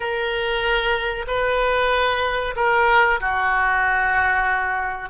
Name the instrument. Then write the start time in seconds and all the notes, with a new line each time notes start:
oboe
0.00 A#4
1.27 B4
2.56 A#4
3.20 F#4